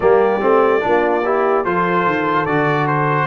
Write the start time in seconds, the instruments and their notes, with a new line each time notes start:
0.00 tuba G3, trombone A#3, horn G4, trumpet D5
0.41 tuba A3, trombone C4
0.80 tuba A#3, trombone D4, horn F4
1.24 trombone E4, horn G4
1.63 tuba F3, trombone F4, horn A4, trumpet C5
2.06 tuba D#3
2.45 tuba D3, trombone F#4, trumpet D5
2.87 trumpet C5